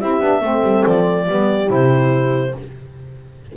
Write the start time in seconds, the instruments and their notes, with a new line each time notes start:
0.00 double bass C4, saxophone E4, horn G4, clarinet E5
0.20 double bass B3, saxophone D4
0.41 double bass A3, saxophone C4, horn A4
0.62 double bass G3
0.86 double bass F3, clarinet D5
1.26 double bass G3, saxophone B3, horn G4
1.67 double bass C3, saxophone E4, clarinet C5